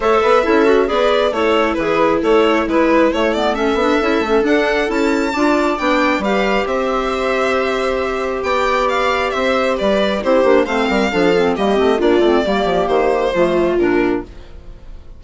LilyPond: <<
  \new Staff \with { instrumentName = "violin" } { \time 4/4 \tempo 4 = 135 e''2 d''4 cis''4 | b'4 cis''4 b'4 cis''8 d''8 | e''2 fis''4 a''4~ | a''4 g''4 f''4 e''4~ |
e''2. g''4 | f''4 e''4 d''4 c''4 | f''2 dis''4 d''4~ | d''4 c''2 ais'4 | }
  \new Staff \with { instrumentName = "viola" } { \time 4/4 cis''8 b'8 a'4 b'4 e'4~ | e'1 | a'1 | d''2 b'4 c''4~ |
c''2. d''4~ | d''4 c''4 b'4 g'4 | c''8 ais'8 a'4 g'4 f'4 | g'2 f'2 | }
  \new Staff \with { instrumentName = "clarinet" } { \time 4/4 a'4 e'8 fis'8 gis'4 a'4 | gis'4 a'4 e'4 a8 b8 | cis'8 d'8 e'8 cis'8 d'4 e'4 | f'4 d'4 g'2~ |
g'1~ | g'2. e'8 d'8 | c'4 d'8 c'8 ais8 c'8 d'8 c'8 | ais2 a4 d'4 | }
  \new Staff \with { instrumentName = "bassoon" } { \time 4/4 a8 b8 cis'4 b4 a4 | e4 a4 gis4 a4~ | a8 b8 cis'8 a8 d'4 cis'4 | d'4 b4 g4 c'4~ |
c'2. b4~ | b4 c'4 g4 c'8 ais8 | a8 g8 f4 g8 a8 ais8 a8 | g8 f8 dis4 f4 ais,4 | }
>>